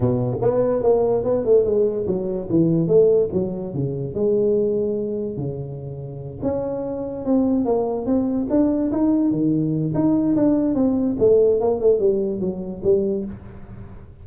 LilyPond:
\new Staff \with { instrumentName = "tuba" } { \time 4/4 \tempo 4 = 145 b,4 b4 ais4 b8 a8 | gis4 fis4 e4 a4 | fis4 cis4 gis2~ | gis4 cis2~ cis8 cis'8~ |
cis'4. c'4 ais4 c'8~ | c'8 d'4 dis'4 dis4. | dis'4 d'4 c'4 a4 | ais8 a8 g4 fis4 g4 | }